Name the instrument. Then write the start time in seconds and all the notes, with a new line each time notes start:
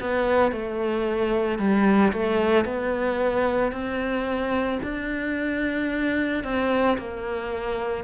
cello
0.00 B3
0.52 A3
1.58 G3
2.12 A3
2.65 B3
3.72 C4
4.83 D4
6.43 C4
6.98 A#3